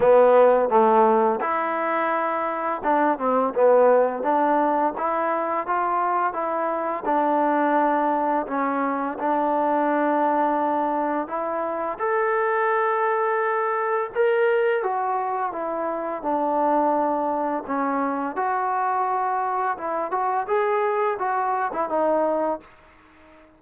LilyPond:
\new Staff \with { instrumentName = "trombone" } { \time 4/4 \tempo 4 = 85 b4 a4 e'2 | d'8 c'8 b4 d'4 e'4 | f'4 e'4 d'2 | cis'4 d'2. |
e'4 a'2. | ais'4 fis'4 e'4 d'4~ | d'4 cis'4 fis'2 | e'8 fis'8 gis'4 fis'8. e'16 dis'4 | }